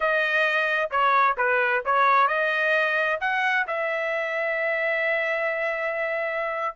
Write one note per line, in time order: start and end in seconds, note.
0.00 0.90 D#5
0.90 1.36 C#5
1.37 1.83 B4
1.85 2.27 C#5
2.27 3.19 D#5
3.20 3.66 F#5
3.67 6.75 E5